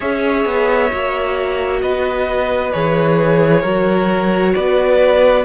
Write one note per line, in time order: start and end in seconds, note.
0.00 0.45 C#4
0.00 0.90 G#4
0.00 1.80 C#5
0.00 1.82 E5
0.45 0.90 B3
0.90 1.81 A#3
0.90 2.72 F#4
1.81 2.72 B3
1.81 3.61 B4
1.81 2.72 D#5
2.72 3.63 E3
2.72 3.63 G#4
2.72 4.54 C#5
3.61 4.54 F#3
3.61 5.45 F#4
3.61 4.52 A#4
4.54 5.45 B3
4.54 5.45 B4
4.54 5.45 D5